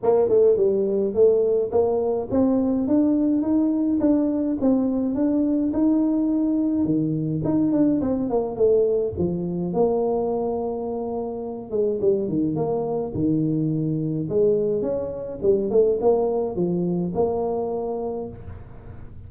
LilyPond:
\new Staff \with { instrumentName = "tuba" } { \time 4/4 \tempo 4 = 105 ais8 a8 g4 a4 ais4 | c'4 d'4 dis'4 d'4 | c'4 d'4 dis'2 | dis4 dis'8 d'8 c'8 ais8 a4 |
f4 ais2.~ | ais8 gis8 g8 dis8 ais4 dis4~ | dis4 gis4 cis'4 g8 a8 | ais4 f4 ais2 | }